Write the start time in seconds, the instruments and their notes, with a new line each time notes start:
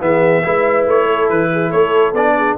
0.00 tuba E3, trombone B3, horn G#4, trumpet E5
0.43 tuba G#3, trombone E4, horn B4
0.86 tuba A3, trumpet C#5
1.06 horn A4
1.30 tuba E3, trumpet B4
1.52 horn G#4
1.69 tuba A3, horn A4, trumpet C#5
2.13 tuba B3, trombone D4, trumpet D5
2.36 horn G#4